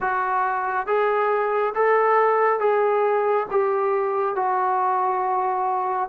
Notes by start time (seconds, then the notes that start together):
0.00 F#4
0.87 G#4
1.74 A4
2.59 G#4
3.51 G4
4.35 F#4